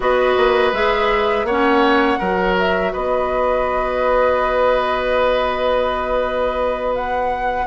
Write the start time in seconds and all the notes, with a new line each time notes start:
0.00 B3 F#4 B4 D#5
0.37 A#3
0.72 G#3 G#4 E5
1.43 A#3 C#5 F#5
1.50 C#4
2.18 F#3 F#4 A#4
2.59 E5
2.93 B3 B4 D#5
6.95 F#5